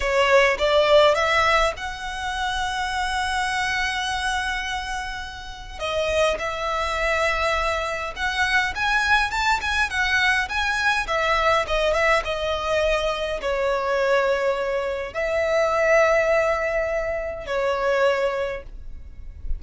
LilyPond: \new Staff \with { instrumentName = "violin" } { \time 4/4 \tempo 4 = 103 cis''4 d''4 e''4 fis''4~ | fis''1~ | fis''2 dis''4 e''4~ | e''2 fis''4 gis''4 |
a''8 gis''8 fis''4 gis''4 e''4 | dis''8 e''8 dis''2 cis''4~ | cis''2 e''2~ | e''2 cis''2 | }